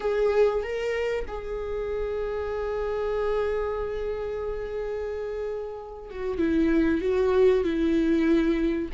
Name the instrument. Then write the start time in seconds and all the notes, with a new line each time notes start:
viola
0.00 G#4
0.63 A#4
1.27 G#4
6.10 F#4
6.38 E4
7.01 F#4
7.63 E4